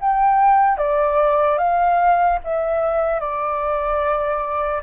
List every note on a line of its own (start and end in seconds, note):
0.00 0.77 G5
0.77 1.57 D5
1.57 2.38 F5
2.44 3.20 E5
3.20 4.82 D5